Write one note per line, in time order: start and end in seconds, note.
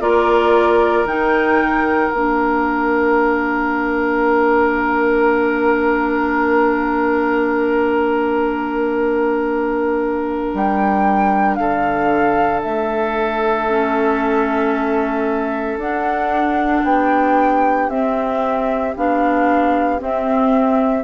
0.00 1.04 A#3
0.00 1.06 F4
0.00 11.59 A#4
0.00 1.06 D5
1.04 2.10 D#3
1.04 2.13 D#4
1.04 2.11 G5
2.11 10.54 A#3
2.11 13.70 D4
2.11 10.53 F5
10.54 11.59 G3
10.54 11.56 G5
11.56 12.64 D3
11.56 16.86 A4
11.56 12.61 F5
12.63 15.77 A3
12.63 15.79 E5
13.70 15.80 C#4
15.77 16.82 D4
15.77 17.90 D4
15.77 16.85 F#5
16.84 17.89 B3
16.84 21.05 G4
16.84 17.90 G5
17.89 18.95 C4
17.89 18.96 C4
17.89 18.95 E5
18.96 20.01 B3
18.96 19.99 D4
18.96 20.02 F5
19.99 21.05 C4
19.99 21.05 E5